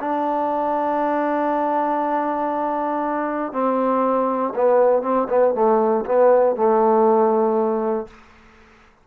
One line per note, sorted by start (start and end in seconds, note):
0.00 3.52 D4
3.52 4.53 C4
4.55 5.03 B3
5.03 5.28 C4
5.29 5.54 B3
5.54 6.05 A3
6.05 6.56 B3
6.56 8.07 A3